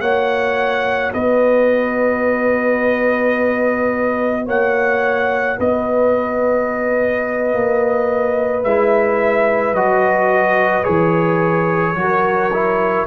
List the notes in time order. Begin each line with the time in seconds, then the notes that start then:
0.00 A#3 F#4 C#5 F#5
1.12 B3 B4 D#5
4.45 A#3 C#5 F#5
5.58 B3 B4 D#5
7.53 A#3
8.63 G#3 E4 E5
9.73 F#3 F#4 D#5
10.83 E3 G#4 C#5
11.94 F#3 F#4 A#4
12.53 E4